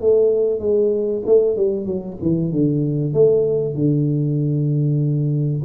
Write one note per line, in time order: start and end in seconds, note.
0.00 0.59 A3
0.59 1.22 G#3
1.25 1.56 A3
1.56 1.85 G3
1.85 2.16 F#3
2.21 2.52 E3
2.52 3.13 D3
3.13 3.74 A3
3.74 5.62 D3